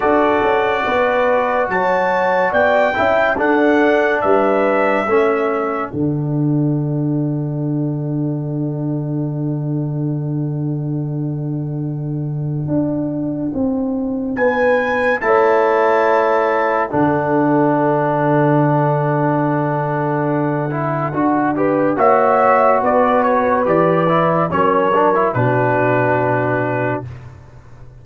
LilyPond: <<
  \new Staff \with { instrumentName = "trumpet" } { \time 4/4 \tempo 4 = 71 d''2 a''4 g''4 | fis''4 e''2 fis''4~ | fis''1~ | fis''1~ |
fis''4 gis''4 a''2 | fis''1~ | fis''2 e''4 d''8 cis''8 | d''4 cis''4 b'2 | }
  \new Staff \with { instrumentName = "horn" } { \time 4/4 a'4 b'4 cis''4 d''8 e''8 | a'4 b'4 a'2~ | a'1~ | a'1~ |
a'4 b'4 cis''2 | a'1~ | a'4. b'8 cis''4 b'4~ | b'4 ais'4 fis'2 | }
  \new Staff \with { instrumentName = "trombone" } { \time 4/4 fis'2.~ fis'8 e'8 | d'2 cis'4 d'4~ | d'1~ | d'1~ |
d'2 e'2 | d'1~ | d'8 e'8 fis'8 g'8 fis'2 | g'8 e'8 cis'8 d'16 e'16 d'2 | }
  \new Staff \with { instrumentName = "tuba" } { \time 4/4 d'8 cis'8 b4 fis4 b8 cis'8 | d'4 g4 a4 d4~ | d1~ | d2. d'4 |
c'4 b4 a2 | d1~ | d4 d'4 ais4 b4 | e4 fis4 b,2 | }
>>